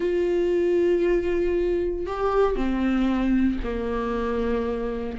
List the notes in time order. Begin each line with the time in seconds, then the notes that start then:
0.00 F4
2.06 G4
2.56 C4
3.63 A#3